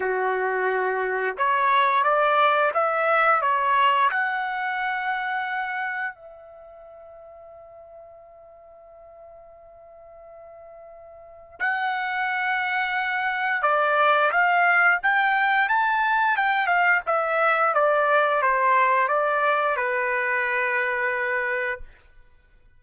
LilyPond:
\new Staff \with { instrumentName = "trumpet" } { \time 4/4 \tempo 4 = 88 fis'2 cis''4 d''4 | e''4 cis''4 fis''2~ | fis''4 e''2.~ | e''1~ |
e''4 fis''2. | d''4 f''4 g''4 a''4 | g''8 f''8 e''4 d''4 c''4 | d''4 b'2. | }